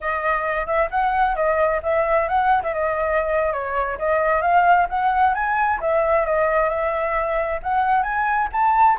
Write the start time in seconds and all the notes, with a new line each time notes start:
0.00 D#5
0.66 E5
0.90 F#5
1.35 D#5
1.82 E5
2.28 F#5
2.63 E5
2.73 D#5
3.52 C#5
3.98 D#5
4.41 F5
4.89 F#5
5.34 G#5
5.80 E5
6.25 D#5
6.69 E5
7.62 F#5
8.02 G#5
8.52 A5